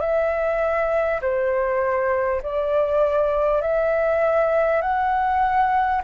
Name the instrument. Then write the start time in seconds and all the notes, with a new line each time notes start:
flute
0.00 E5
1.22 C5
2.42 D5
3.62 E5
4.81 F#5